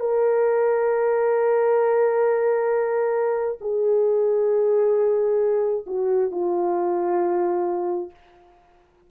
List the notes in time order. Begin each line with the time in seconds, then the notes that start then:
0.00 A#4
3.61 G#4
5.87 F#4
6.31 F4